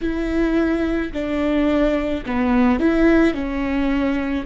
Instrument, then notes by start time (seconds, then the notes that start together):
viola
0.01 E4
1.13 D4
2.25 B3
2.79 E4
3.33 C#4